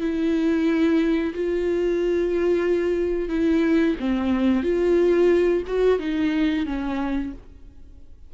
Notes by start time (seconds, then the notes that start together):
0.00 E4
1.35 F4
3.29 E4
4.00 C4
4.63 F4
5.67 F#4
5.99 D#4
6.66 C#4